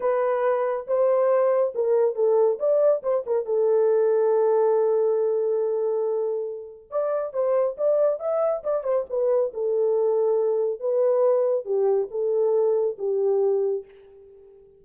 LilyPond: \new Staff \with { instrumentName = "horn" } { \time 4/4 \tempo 4 = 139 b'2 c''2 | ais'4 a'4 d''4 c''8 ais'8 | a'1~ | a'1 |
d''4 c''4 d''4 e''4 | d''8 c''8 b'4 a'2~ | a'4 b'2 g'4 | a'2 g'2 | }